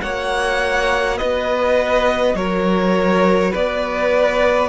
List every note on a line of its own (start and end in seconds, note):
0.00 1.21 A#3
0.00 4.69 F#4
0.00 1.18 C#5
0.00 1.18 F#5
1.18 2.34 B3
1.18 2.36 B4
1.18 2.36 D#5
2.34 3.52 F#3
2.34 3.51 A#4
2.34 3.53 C#5
3.51 4.69 B3
3.51 4.69 B4
3.51 4.69 D5